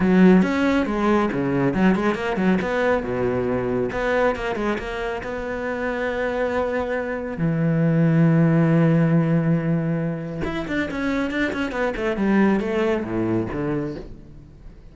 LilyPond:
\new Staff \with { instrumentName = "cello" } { \time 4/4 \tempo 4 = 138 fis4 cis'4 gis4 cis4 | fis8 gis8 ais8 fis8 b4 b,4~ | b,4 b4 ais8 gis8 ais4 | b1~ |
b4 e2.~ | e1 | e'8 d'8 cis'4 d'8 cis'8 b8 a8 | g4 a4 a,4 d4 | }